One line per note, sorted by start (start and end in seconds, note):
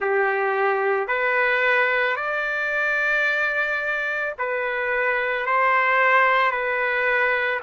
0.00 1.07 G4
1.07 2.16 B4
2.16 4.34 D5
4.38 5.45 B4
5.45 6.51 C5
6.51 7.60 B4